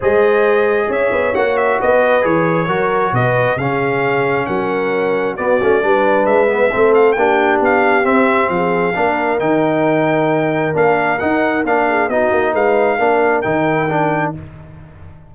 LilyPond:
<<
  \new Staff \with { instrumentName = "trumpet" } { \time 4/4 \tempo 4 = 134 dis''2 e''4 fis''8 e''8 | dis''4 cis''2 dis''4 | f''2 fis''2 | d''2 e''4. f''8 |
g''4 f''4 e''4 f''4~ | f''4 g''2. | f''4 fis''4 f''4 dis''4 | f''2 g''2 | }
  \new Staff \with { instrumentName = "horn" } { \time 4/4 c''2 cis''2 | b'2 ais'4 b'4 | gis'2 ais'2 | fis'4 b'2 a'4 |
g'2. gis'4 | ais'1~ | ais'2~ ais'8 gis'8 fis'4 | b'4 ais'2. | }
  \new Staff \with { instrumentName = "trombone" } { \time 4/4 gis'2. fis'4~ | fis'4 gis'4 fis'2 | cis'1 | b8 cis'8 d'4. b8 c'4 |
d'2 c'2 | d'4 dis'2. | d'4 dis'4 d'4 dis'4~ | dis'4 d'4 dis'4 d'4 | }
  \new Staff \with { instrumentName = "tuba" } { \time 4/4 gis2 cis'8 b8 ais4 | b4 e4 fis4 b,4 | cis2 fis2 | b8 a8 g4 gis4 a4 |
ais4 b4 c'4 f4 | ais4 dis2. | ais4 dis'4 ais4 b8 ais8 | gis4 ais4 dis2 | }
>>